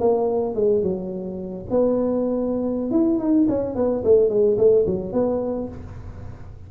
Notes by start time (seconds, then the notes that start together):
0.00 A#3
0.55 G#3
0.83 F#3
1.71 B3
2.91 E4
3.19 D#4
3.49 C#4
3.76 B3
4.05 A3
4.30 G#3
4.58 A3
4.87 F#3
5.13 B3